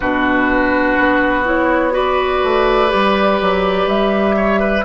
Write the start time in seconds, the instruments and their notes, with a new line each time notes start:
0.00 bassoon B2, clarinet D4, oboe F#4, flute B4
0.99 bassoon B3
1.45 clarinet E4, flute C#5
1.91 clarinet F#4, oboe B4, flute D5
2.43 bassoon A3
2.87 bassoon G3, clarinet G4
3.41 bassoon F#3
3.86 bassoon G3, flute E5
4.36 oboe C#5
4.60 oboe B4